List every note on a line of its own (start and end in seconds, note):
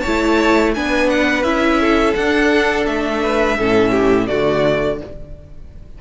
0.00 0.72 C#5
0.00 0.71 A5
0.06 0.77 A3
0.06 0.76 E4
0.75 1.43 B3
0.75 1.45 D4
0.75 1.81 B4
0.75 1.10 G#5
1.10 1.43 F#5
1.43 2.14 C#4
1.43 2.15 E4
1.43 2.14 E5
1.81 3.22 A4
2.15 2.87 D4
2.15 3.60 D4
2.15 2.86 F#5
2.86 3.57 A3
2.86 4.27 E5
3.23 3.58 B4
3.58 4.29 A2
3.58 4.28 C#4
3.58 3.91 A4
3.91 4.26 G4
4.27 5.01 D3
4.27 4.99 A3
4.27 4.99 F#4
4.27 4.98 D5